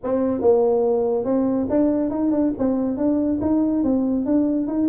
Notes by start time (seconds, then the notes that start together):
0.03 C4
0.41 A#3
1.24 C4
1.69 D4
2.10 D#4
2.31 D4
2.58 C4
2.97 D4
3.41 D#4
3.83 C4
4.25 D4
4.67 D#4